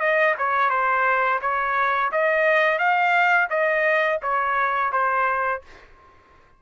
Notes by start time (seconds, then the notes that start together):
0.00 D#5
0.38 C#5
0.70 C5
1.41 C#5
2.12 D#5
2.79 F5
3.50 D#5
4.22 C#5
4.92 C5